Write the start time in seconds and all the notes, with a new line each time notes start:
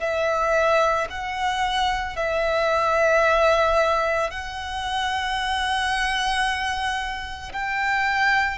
0.00 E5
1.10 F#5
2.16 E5
4.30 F#5
7.52 G5